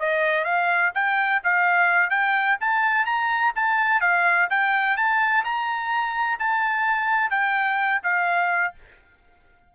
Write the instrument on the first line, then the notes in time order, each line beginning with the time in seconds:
trumpet
0.00 D#5
0.45 F5
0.95 G5
1.44 F5
2.11 G5
2.61 A5
3.06 A#5
3.56 A5
4.01 F5
4.50 G5
4.97 A5
5.45 A#5
6.40 A5
7.31 G5
8.04 F5